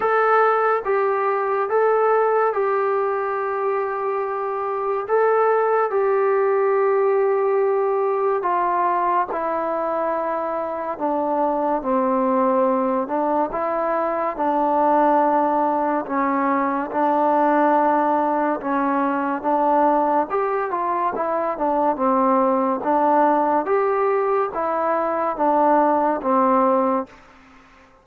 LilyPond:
\new Staff \with { instrumentName = "trombone" } { \time 4/4 \tempo 4 = 71 a'4 g'4 a'4 g'4~ | g'2 a'4 g'4~ | g'2 f'4 e'4~ | e'4 d'4 c'4. d'8 |
e'4 d'2 cis'4 | d'2 cis'4 d'4 | g'8 f'8 e'8 d'8 c'4 d'4 | g'4 e'4 d'4 c'4 | }